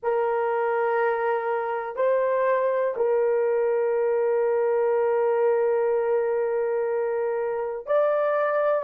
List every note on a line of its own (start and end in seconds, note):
0.02 1.96 A#4
1.96 2.94 C5
2.96 7.86 A#4
7.86 8.83 D5